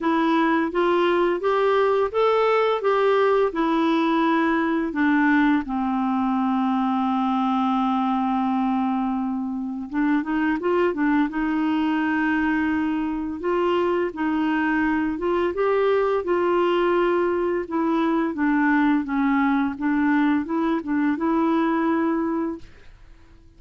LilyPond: \new Staff \with { instrumentName = "clarinet" } { \time 4/4 \tempo 4 = 85 e'4 f'4 g'4 a'4 | g'4 e'2 d'4 | c'1~ | c'2 d'8 dis'8 f'8 d'8 |
dis'2. f'4 | dis'4. f'8 g'4 f'4~ | f'4 e'4 d'4 cis'4 | d'4 e'8 d'8 e'2 | }